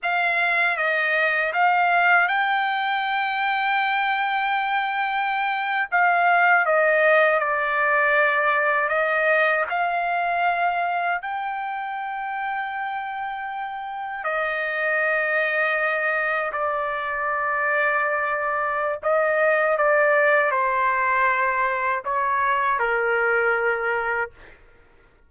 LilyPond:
\new Staff \with { instrumentName = "trumpet" } { \time 4/4 \tempo 4 = 79 f''4 dis''4 f''4 g''4~ | g''2.~ g''8. f''16~ | f''8. dis''4 d''2 dis''16~ | dis''8. f''2 g''4~ g''16~ |
g''2~ g''8. dis''4~ dis''16~ | dis''4.~ dis''16 d''2~ d''16~ | d''4 dis''4 d''4 c''4~ | c''4 cis''4 ais'2 | }